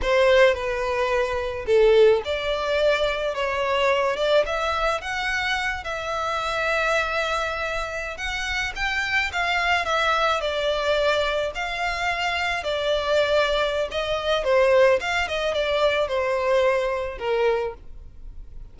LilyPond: \new Staff \with { instrumentName = "violin" } { \time 4/4 \tempo 4 = 108 c''4 b'2 a'4 | d''2 cis''4. d''8 | e''4 fis''4. e''4.~ | e''2~ e''8. fis''4 g''16~ |
g''8. f''4 e''4 d''4~ d''16~ | d''8. f''2 d''4~ d''16~ | d''4 dis''4 c''4 f''8 dis''8 | d''4 c''2 ais'4 | }